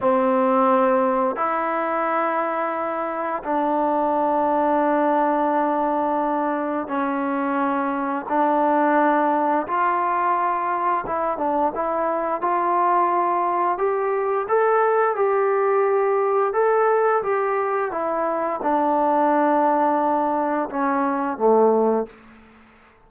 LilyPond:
\new Staff \with { instrumentName = "trombone" } { \time 4/4 \tempo 4 = 87 c'2 e'2~ | e'4 d'2.~ | d'2 cis'2 | d'2 f'2 |
e'8 d'8 e'4 f'2 | g'4 a'4 g'2 | a'4 g'4 e'4 d'4~ | d'2 cis'4 a4 | }